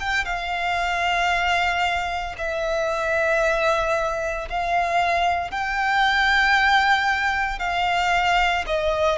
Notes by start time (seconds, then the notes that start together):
0.00 G5
0.25 F5
2.38 E5
4.50 F5
5.51 G5
7.59 F5
8.67 D#5